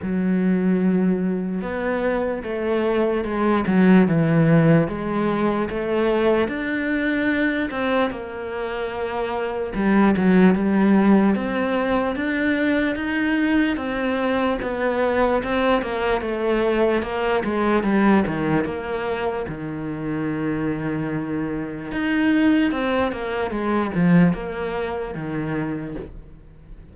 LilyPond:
\new Staff \with { instrumentName = "cello" } { \time 4/4 \tempo 4 = 74 fis2 b4 a4 | gis8 fis8 e4 gis4 a4 | d'4. c'8 ais2 | g8 fis8 g4 c'4 d'4 |
dis'4 c'4 b4 c'8 ais8 | a4 ais8 gis8 g8 dis8 ais4 | dis2. dis'4 | c'8 ais8 gis8 f8 ais4 dis4 | }